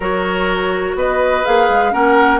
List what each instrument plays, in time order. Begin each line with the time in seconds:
0.00 bassoon F#3, clarinet F#4, oboe A#4, flute C#5
0.95 bassoon B3, oboe B4, flute D#5
1.44 bassoon A#3, clarinet G#4, flute F5
1.68 bassoon G#3
1.91 bassoon A#3, clarinet C#4, oboe A#4, flute F#5